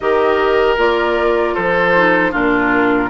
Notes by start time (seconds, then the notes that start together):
0.00 D#3 G4 A#4 D#5
0.77 A#3 F4 D5
1.54 F3 A4 C5
1.96 D#4
2.31 A#2 D4 F4 A#4